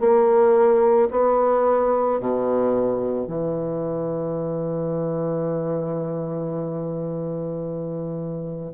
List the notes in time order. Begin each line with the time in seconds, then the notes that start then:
0.00 A#3
1.11 B3
2.20 B2
3.27 E3